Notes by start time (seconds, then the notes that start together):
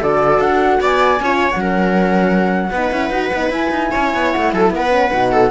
0.00 D3 F#4 A4 D5
0.39 D4 F#5
0.80 B3 D5 G#5
1.20 C#4 F4 C#5
1.51 F#3 C#4 F#5
1.60 A#4
2.71 B3 D#4 B4
2.91 C#4 E4
3.10 D#4 F#4
3.33 B3 D#4
3.49 E4 G#5
3.70 D#4
3.91 C#4 C#5
4.14 B3
4.32 A3 F#5
4.53 F#3 A4 G#5
4.62 A5
4.70 B3 B4 F#5
4.90 C#4
5.12 B2 D#4
5.32 A4